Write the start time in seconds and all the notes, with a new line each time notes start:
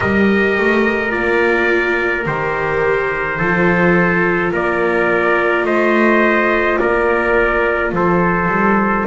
0.00 G3 G4 A#4 D#5
0.58 A3
1.09 A#3 F4 D5
2.25 D#3 G4 C5
3.38 F3 F4 A4
4.52 A#3 A#4 D5
5.63 A3 C5 D#5
6.79 A#3 A#4 D5
7.92 F3 A4 C5
8.48 G3